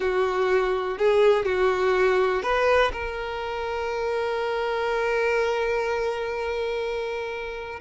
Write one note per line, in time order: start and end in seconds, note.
0.00 0.98 F#4
0.98 1.45 G#4
1.45 2.42 F#4
2.43 2.91 B4
2.92 7.80 A#4